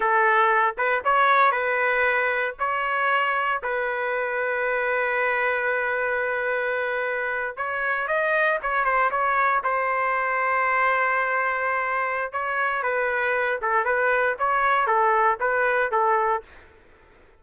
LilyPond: \new Staff \with { instrumentName = "trumpet" } { \time 4/4 \tempo 4 = 117 a'4. b'8 cis''4 b'4~ | b'4 cis''2 b'4~ | b'1~ | b'2~ b'8. cis''4 dis''16~ |
dis''8. cis''8 c''8 cis''4 c''4~ c''16~ | c''1 | cis''4 b'4. a'8 b'4 | cis''4 a'4 b'4 a'4 | }